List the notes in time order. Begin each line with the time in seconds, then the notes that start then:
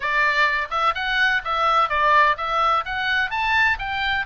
0.00 D5
0.70 E5
0.94 F#5
1.44 E5
1.89 D5
2.37 E5
2.85 F#5
3.30 A5
3.78 G5